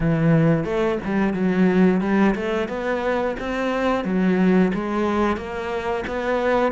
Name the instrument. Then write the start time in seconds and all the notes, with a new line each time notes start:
cello
0.00 E3
0.64 A3
1.04 G3
1.33 F#3
2.00 G3
2.35 A3
2.68 B3
3.39 C4
4.04 F#3
4.74 G#3
5.36 A#3
6.07 B3